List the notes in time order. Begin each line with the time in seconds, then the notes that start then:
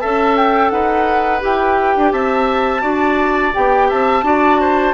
0.00 C#4 A4 E5 A5
0.37 G5
0.70 D#4 B4 F#5
1.41 E4 G4 G5
1.96 D4
2.12 C4 E5 A5
2.81 D4 F#4 D5
3.54 B3 G4 G5
3.89 C4 E5 A5
4.23 D4 F#4 D5
4.61 C5